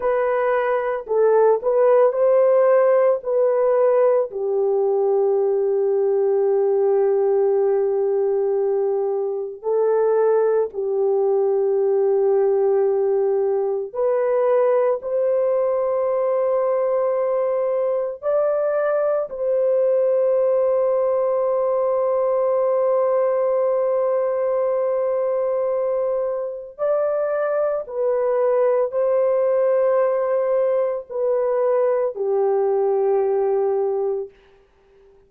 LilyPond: \new Staff \with { instrumentName = "horn" } { \time 4/4 \tempo 4 = 56 b'4 a'8 b'8 c''4 b'4 | g'1~ | g'4 a'4 g'2~ | g'4 b'4 c''2~ |
c''4 d''4 c''2~ | c''1~ | c''4 d''4 b'4 c''4~ | c''4 b'4 g'2 | }